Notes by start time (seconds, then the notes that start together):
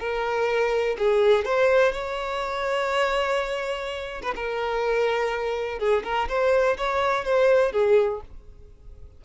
0.00 A#4
0.99 G#4
1.45 C5
1.92 C#5
4.22 B4
4.35 A#4
5.79 G#4
6.04 A#4
6.29 C5
6.77 C#5
7.25 C5
7.72 G#4